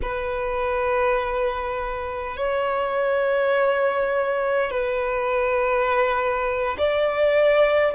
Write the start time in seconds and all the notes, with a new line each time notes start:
0.02 B4
2.36 C#5
4.71 B4
6.78 D5